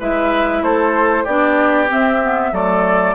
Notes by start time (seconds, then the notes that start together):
0.00 G#3 E4 B4 E5
0.62 A3 A4 C5
1.24 B3 D4 G4 D5
1.89 C4 E5
2.23 B3
2.53 F#3 A3 A4 D5